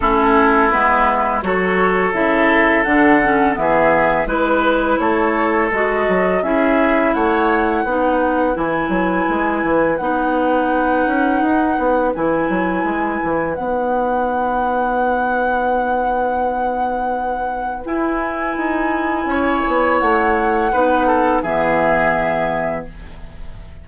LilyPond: <<
  \new Staff \with { instrumentName = "flute" } { \time 4/4 \tempo 4 = 84 a'4 b'4 cis''4 e''4 | fis''4 e''4 b'4 cis''4 | dis''4 e''4 fis''2 | gis''2 fis''2~ |
fis''4 gis''2 fis''4~ | fis''1~ | fis''4 gis''2. | fis''2 e''2 | }
  \new Staff \with { instrumentName = "oboe" } { \time 4/4 e'2 a'2~ | a'4 gis'4 b'4 a'4~ | a'4 gis'4 cis''4 b'4~ | b'1~ |
b'1~ | b'1~ | b'2. cis''4~ | cis''4 b'8 a'8 gis'2 | }
  \new Staff \with { instrumentName = "clarinet" } { \time 4/4 cis'4 b4 fis'4 e'4 | d'8 cis'8 b4 e'2 | fis'4 e'2 dis'4 | e'2 dis'2~ |
dis'4 e'2 dis'4~ | dis'1~ | dis'4 e'2.~ | e'4 dis'4 b2 | }
  \new Staff \with { instrumentName = "bassoon" } { \time 4/4 a4 gis4 fis4 cis4 | d4 e4 gis4 a4 | gis8 fis8 cis'4 a4 b4 | e8 fis8 gis8 e8 b4. cis'8 |
dis'8 b8 e8 fis8 gis8 e8 b4~ | b1~ | b4 e'4 dis'4 cis'8 b8 | a4 b4 e2 | }
>>